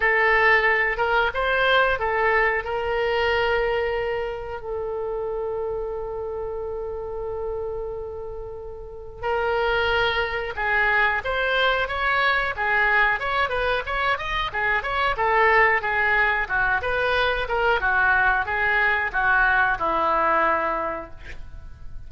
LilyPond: \new Staff \with { instrumentName = "oboe" } { \time 4/4 \tempo 4 = 91 a'4. ais'8 c''4 a'4 | ais'2. a'4~ | a'1~ | a'2 ais'2 |
gis'4 c''4 cis''4 gis'4 | cis''8 b'8 cis''8 dis''8 gis'8 cis''8 a'4 | gis'4 fis'8 b'4 ais'8 fis'4 | gis'4 fis'4 e'2 | }